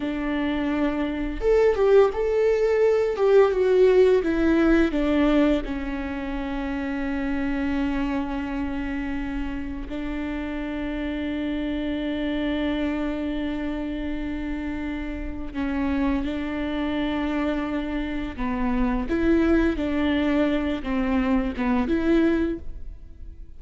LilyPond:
\new Staff \with { instrumentName = "viola" } { \time 4/4 \tempo 4 = 85 d'2 a'8 g'8 a'4~ | a'8 g'8 fis'4 e'4 d'4 | cis'1~ | cis'2 d'2~ |
d'1~ | d'2 cis'4 d'4~ | d'2 b4 e'4 | d'4. c'4 b8 e'4 | }